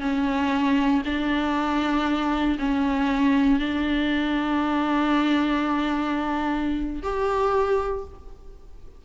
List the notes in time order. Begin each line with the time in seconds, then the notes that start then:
0.00 C#4
1.05 D4
2.59 C#4
3.59 D4
7.02 G4